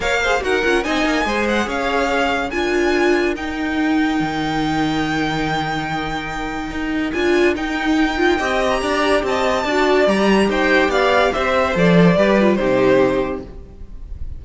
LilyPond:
<<
  \new Staff \with { instrumentName = "violin" } { \time 4/4 \tempo 4 = 143 f''4 fis''4 gis''4. fis''8 | f''2 gis''2 | g''1~ | g''1~ |
g''4 gis''4 g''2~ | g''8. ais''4~ ais''16 a''2 | ais''4 g''4 f''4 e''4 | d''2 c''2 | }
  \new Staff \with { instrumentName = "violin" } { \time 4/4 cis''8 c''8 ais'4 dis''4 c''4 | cis''2 ais'2~ | ais'1~ | ais'1~ |
ais'1 | dis''4 d''4 dis''4 d''4~ | d''4 c''4 d''4 c''4~ | c''4 b'4 g'2 | }
  \new Staff \with { instrumentName = "viola" } { \time 4/4 ais'8 gis'8 fis'8 f'8 dis'4 gis'4~ | gis'2 f'2 | dis'1~ | dis'1~ |
dis'4 f'4 dis'4. f'8 | g'2. fis'4 | g'1 | a'4 g'8 f'8 dis'2 | }
  \new Staff \with { instrumentName = "cello" } { \time 4/4 ais4 dis'8 cis'8 c'8 ais8 gis4 | cis'2 d'2 | dis'2 dis2~ | dis1 |
dis'4 d'4 dis'2 | c'4 d'4 c'4 d'4 | g4 dis'4 b4 c'4 | f4 g4 c2 | }
>>